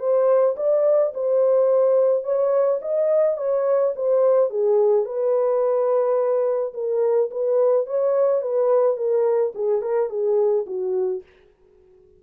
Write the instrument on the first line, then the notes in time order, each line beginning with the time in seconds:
horn
0.00 C5
0.57 D5
1.14 C5
2.24 C#5
2.82 D#5
3.38 C#5
3.96 C5
4.50 G#4
5.05 B4
6.74 A#4
7.31 B4
7.87 C#5
8.42 B4
8.97 A#4
9.55 G#4
9.82 A#4
10.10 G#4
10.67 F#4